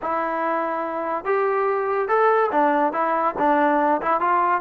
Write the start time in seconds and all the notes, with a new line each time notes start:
0.02 E4
1.25 G4
2.08 A4
2.51 D4
2.92 E4
3.38 D4
4.01 E4
4.20 F4